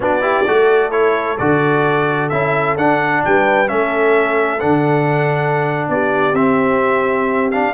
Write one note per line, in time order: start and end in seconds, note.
0.00 0.45 B3
0.00 0.21 D4
0.00 0.22 F#4
0.00 0.91 D5
0.21 0.44 E4
0.21 0.45 G4
0.46 1.39 A3
0.46 0.91 F#4
0.46 3.23 A4
0.91 1.37 E4
0.91 1.37 C#5
1.37 2.31 D3
1.37 2.31 F#4
1.37 2.29 D5
2.29 2.77 C#4
2.29 2.77 E4
2.29 2.75 E5
2.77 3.23 D4
2.77 3.67 D4
2.77 3.23 F#5
3.24 3.71 G3
3.24 3.71 B4
3.24 3.68 G5
3.67 4.62 A3
3.67 4.59 C#4
3.67 5.90 A4
3.67 4.60 E5
4.60 5.89 D3
4.60 6.33 D4
4.60 5.86 F#5
5.89 6.33 B3
5.89 7.73 G4
5.89 6.35 D5
6.33 7.71 C4
6.33 7.51 C4
6.33 7.50 E5
7.51 7.73 D4
7.51 7.73 F5